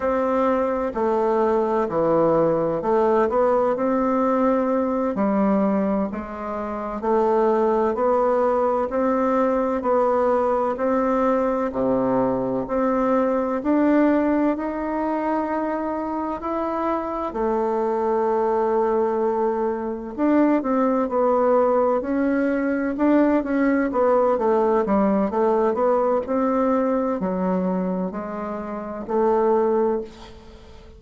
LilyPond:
\new Staff \with { instrumentName = "bassoon" } { \time 4/4 \tempo 4 = 64 c'4 a4 e4 a8 b8 | c'4. g4 gis4 a8~ | a8 b4 c'4 b4 c'8~ | c'8 c4 c'4 d'4 dis'8~ |
dis'4. e'4 a4.~ | a4. d'8 c'8 b4 cis'8~ | cis'8 d'8 cis'8 b8 a8 g8 a8 b8 | c'4 fis4 gis4 a4 | }